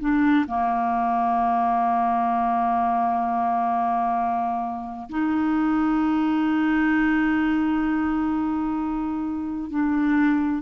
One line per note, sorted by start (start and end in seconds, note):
0.00 0.46 D4
0.48 5.09 A#3
5.10 9.70 D#4
9.70 10.62 D4